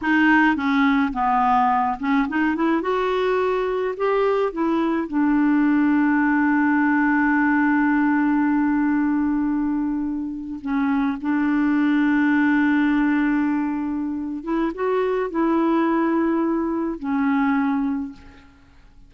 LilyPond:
\new Staff \with { instrumentName = "clarinet" } { \time 4/4 \tempo 4 = 106 dis'4 cis'4 b4. cis'8 | dis'8 e'8 fis'2 g'4 | e'4 d'2.~ | d'1~ |
d'2~ d'8. cis'4 d'16~ | d'1~ | d'4. e'8 fis'4 e'4~ | e'2 cis'2 | }